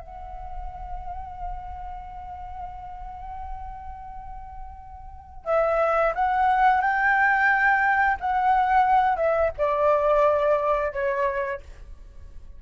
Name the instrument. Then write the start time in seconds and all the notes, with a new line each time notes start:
flute
0.00 F#5
5.45 E5
6.15 F#5
6.82 G5
8.20 F#5
9.17 E5
9.58 D5
10.93 C#5